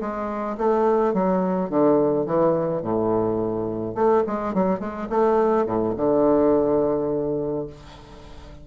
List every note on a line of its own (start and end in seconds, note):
0.00 0.57 G#3
0.57 1.13 A3
1.13 1.69 F#3
1.69 2.26 D3
2.26 2.82 E3
2.82 3.94 A2
3.94 4.23 A3
4.26 4.54 G#3
4.54 4.79 F#3
4.79 5.08 G#3
5.09 5.66 A3
5.66 5.94 A2
5.96 7.66 D3